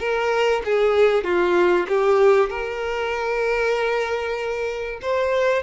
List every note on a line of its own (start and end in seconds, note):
0.00 0.62 A#4
0.65 1.24 G#4
1.24 1.87 F4
1.89 2.50 G4
2.50 5.00 A#4
5.02 5.63 C5